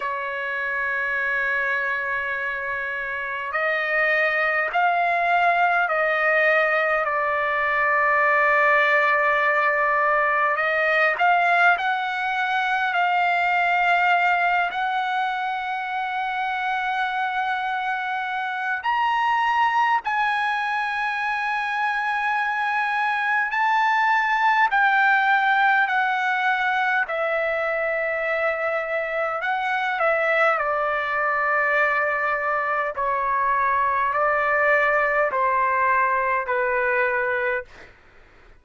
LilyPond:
\new Staff \with { instrumentName = "trumpet" } { \time 4/4 \tempo 4 = 51 cis''2. dis''4 | f''4 dis''4 d''2~ | d''4 dis''8 f''8 fis''4 f''4~ | f''8 fis''2.~ fis''8 |
ais''4 gis''2. | a''4 g''4 fis''4 e''4~ | e''4 fis''8 e''8 d''2 | cis''4 d''4 c''4 b'4 | }